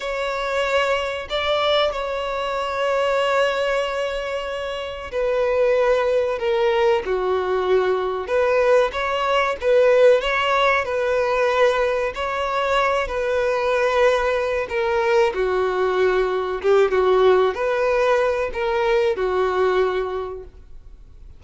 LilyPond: \new Staff \with { instrumentName = "violin" } { \time 4/4 \tempo 4 = 94 cis''2 d''4 cis''4~ | cis''1 | b'2 ais'4 fis'4~ | fis'4 b'4 cis''4 b'4 |
cis''4 b'2 cis''4~ | cis''8 b'2~ b'8 ais'4 | fis'2 g'8 fis'4 b'8~ | b'4 ais'4 fis'2 | }